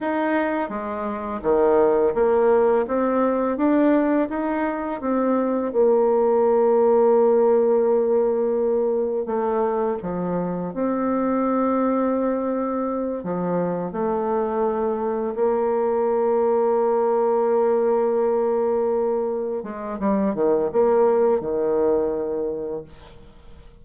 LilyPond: \new Staff \with { instrumentName = "bassoon" } { \time 4/4 \tempo 4 = 84 dis'4 gis4 dis4 ais4 | c'4 d'4 dis'4 c'4 | ais1~ | ais4 a4 f4 c'4~ |
c'2~ c'8 f4 a8~ | a4. ais2~ ais8~ | ais2.~ ais8 gis8 | g8 dis8 ais4 dis2 | }